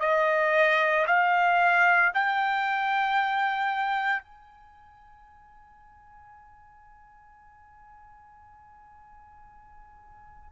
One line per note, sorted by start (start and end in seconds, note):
0.00 1.05 D#5
1.06 2.11 F5
2.14 4.22 G5
4.22 10.51 G#5